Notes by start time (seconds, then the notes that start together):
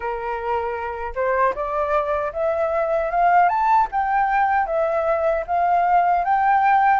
0.00 A#4
1.15 C5
1.54 D5
2.32 E5
3.10 F5
3.48 A5
3.91 G5
4.66 E5
5.46 F5
6.24 G5